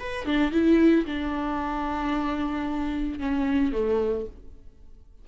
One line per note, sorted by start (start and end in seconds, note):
0.00 0.25 B4
0.25 0.52 D4
0.52 1.06 E4
1.06 3.20 D4
3.20 3.73 C#4
3.73 4.27 A3